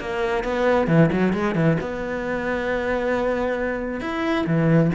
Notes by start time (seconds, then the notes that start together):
0.00 A#3
0.44 B3
0.87 E3
1.12 F#3
1.33 G#3
1.55 E3
1.81 B3
4.00 E4
4.46 E3